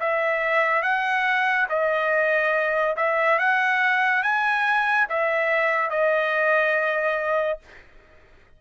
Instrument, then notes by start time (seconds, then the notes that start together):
trumpet
0.00 E5
0.82 F#5
1.69 D#5
2.96 E5
3.39 F#5
4.23 G#5
5.09 E5
5.90 D#5